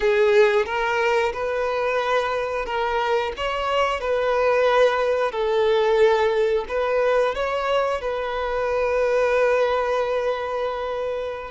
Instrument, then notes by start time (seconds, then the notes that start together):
violin
0.00 G#4
0.65 A#4
1.33 B4
2.65 A#4
3.36 C#5
4.00 B4
5.32 A4
6.68 B4
7.34 C#5
8.01 B4